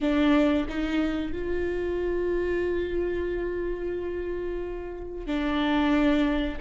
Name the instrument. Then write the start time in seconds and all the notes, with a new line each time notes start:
viola
0.01 D4
0.69 D#4
1.32 F4
5.26 D4